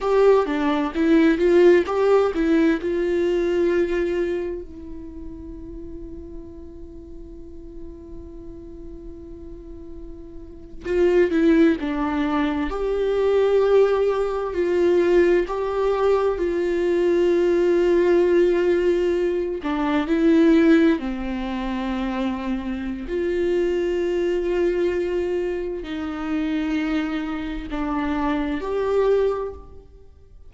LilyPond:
\new Staff \with { instrumentName = "viola" } { \time 4/4 \tempo 4 = 65 g'8 d'8 e'8 f'8 g'8 e'8 f'4~ | f'4 e'2.~ | e'2.~ e'8. f'16~ | f'16 e'8 d'4 g'2 f'16~ |
f'8. g'4 f'2~ f'16~ | f'4~ f'16 d'8 e'4 c'4~ c'16~ | c'4 f'2. | dis'2 d'4 g'4 | }